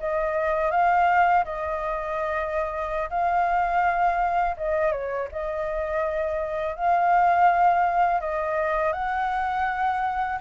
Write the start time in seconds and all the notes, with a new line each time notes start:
0.00 D#5
0.71 F5
1.45 D#5
3.10 F5
4.57 D#5
4.92 C#5
5.32 D#5
6.76 F5
8.21 D#5
8.93 F#5